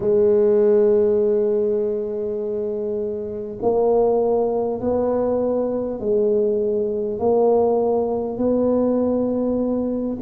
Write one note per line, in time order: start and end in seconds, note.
0.00 3.58 G#3
3.62 4.80 A#3
4.80 5.99 B3
5.99 7.18 G#3
7.18 8.37 A#3
8.37 10.17 B3